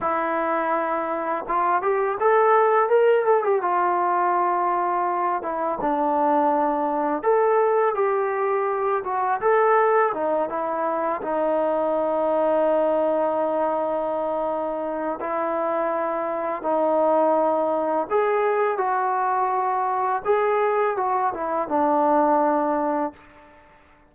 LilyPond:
\new Staff \with { instrumentName = "trombone" } { \time 4/4 \tempo 4 = 83 e'2 f'8 g'8 a'4 | ais'8 a'16 g'16 f'2~ f'8 e'8 | d'2 a'4 g'4~ | g'8 fis'8 a'4 dis'8 e'4 dis'8~ |
dis'1~ | dis'4 e'2 dis'4~ | dis'4 gis'4 fis'2 | gis'4 fis'8 e'8 d'2 | }